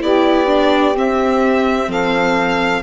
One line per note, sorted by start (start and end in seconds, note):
0.00 0.95 B3
0.00 0.46 E4
0.00 1.88 G4
0.00 0.96 D5
0.46 0.93 D4
0.93 2.81 C4
0.93 1.88 C4
0.93 1.91 E5
1.88 2.81 F3
1.88 2.81 A4
1.88 2.82 F5